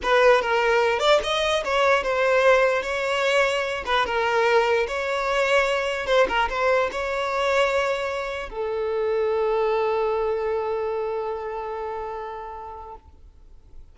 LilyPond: \new Staff \with { instrumentName = "violin" } { \time 4/4 \tempo 4 = 148 b'4 ais'4. d''8 dis''4 | cis''4 c''2 cis''4~ | cis''4. b'8 ais'2 | cis''2. c''8 ais'8 |
c''4 cis''2.~ | cis''4 a'2.~ | a'1~ | a'1 | }